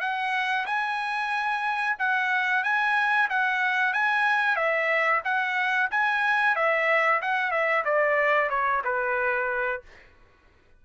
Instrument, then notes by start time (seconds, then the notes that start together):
trumpet
0.00 F#5
0.66 G#5
1.98 F#5
2.63 G#5
3.29 F#5
3.93 G#5
4.56 E5
5.24 F#5
5.91 G#5
6.55 E5
7.21 F#5
7.51 E5
7.84 D5
8.49 C#5
8.84 B4